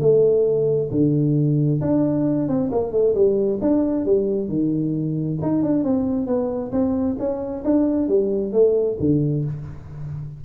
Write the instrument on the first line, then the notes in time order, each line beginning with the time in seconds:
tuba
0.00 A3
0.91 D3
1.81 D4
2.48 C4
2.71 A#3
2.91 A3
3.14 G3
3.61 D4
4.05 G3
4.48 D#3
5.41 D#4
5.62 D4
5.84 C4
6.26 B3
6.72 C4
7.18 C#4
7.64 D4
8.08 G3
8.52 A3
8.99 D3